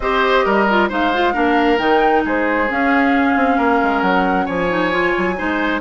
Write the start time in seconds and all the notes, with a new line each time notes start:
0.00 C4 G4 C5 D#5
0.45 G3 A#4
0.69 F4
0.88 G#3 D#4 C5 F5
1.13 F4
1.33 A#3 D4 A#4
1.78 D#3 D#4 G5
2.24 G#3 G#4 C5
2.68 C#4 F5
3.36 C4
3.57 A#3 A#4
3.82 G#3
4.01 F#3 F#5
4.45 F3 C#5 G#5
4.69 D#4
4.91 F4
5.17 F#3
5.36 G#3 D#4 C5